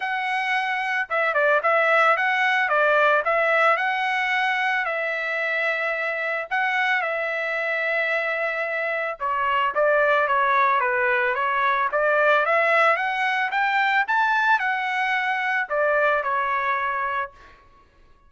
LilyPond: \new Staff \with { instrumentName = "trumpet" } { \time 4/4 \tempo 4 = 111 fis''2 e''8 d''8 e''4 | fis''4 d''4 e''4 fis''4~ | fis''4 e''2. | fis''4 e''2.~ |
e''4 cis''4 d''4 cis''4 | b'4 cis''4 d''4 e''4 | fis''4 g''4 a''4 fis''4~ | fis''4 d''4 cis''2 | }